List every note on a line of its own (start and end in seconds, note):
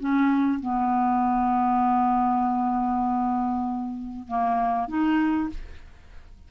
0.00 0.60 C#4
0.60 4.27 B3
4.28 4.88 A#3
4.88 5.50 D#4